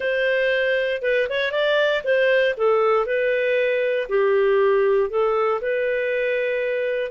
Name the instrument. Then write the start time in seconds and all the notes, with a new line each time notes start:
clarinet
0.00 C5
1.02 B4
1.29 C#5
1.51 D5
2.04 C5
2.57 A4
3.06 B4
4.08 G4
5.10 A4
5.61 B4